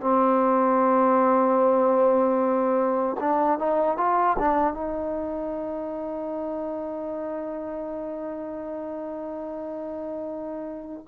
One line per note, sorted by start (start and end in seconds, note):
0.00 3.16 C4
3.20 3.58 D4
3.58 3.97 D#4
3.97 4.36 F4
4.39 4.73 D4
4.73 11.05 D#4